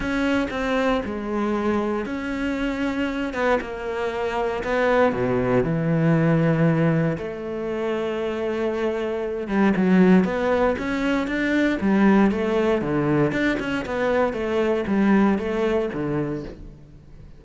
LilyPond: \new Staff \with { instrumentName = "cello" } { \time 4/4 \tempo 4 = 117 cis'4 c'4 gis2 | cis'2~ cis'8 b8 ais4~ | ais4 b4 b,4 e4~ | e2 a2~ |
a2~ a8 g8 fis4 | b4 cis'4 d'4 g4 | a4 d4 d'8 cis'8 b4 | a4 g4 a4 d4 | }